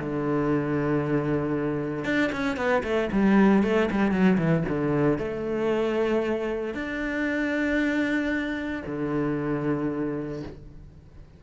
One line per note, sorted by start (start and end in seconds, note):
0.00 2.05 D3
2.05 2.31 D4
2.33 2.57 C#4
2.57 2.83 B3
2.84 3.10 A3
3.13 3.64 G3
3.64 3.90 A3
3.92 4.12 G3
4.12 4.38 F#3
4.38 4.64 E3
4.69 5.18 D3
5.18 6.74 A3
6.74 8.83 D4
8.87 10.43 D3